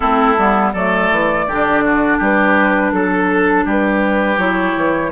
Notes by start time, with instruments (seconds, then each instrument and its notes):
0.00 bassoon A3, clarinet C4, oboe E4, flute A4
0.37 bassoon G3, clarinet B3
0.73 bassoon F#3, clarinet A3, oboe A4, flute D5
1.10 bassoon E3
1.46 bassoon D3, clarinet D4, oboe G4
1.84 oboe F#4
2.18 bassoon G3, oboe G4, flute B4
2.92 bassoon F#3, flute A4, oboe A4
3.65 bassoon G3, oboe G4, flute B4
4.37 bassoon F#3, clarinet E4, flute C#5
4.75 bassoon E3